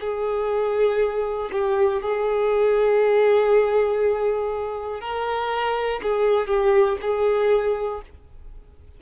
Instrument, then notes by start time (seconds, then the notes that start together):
violin
0.00 G#4
1.52 G4
2.02 G#4
5.00 A#4
6.03 G#4
6.47 G4
7.02 G#4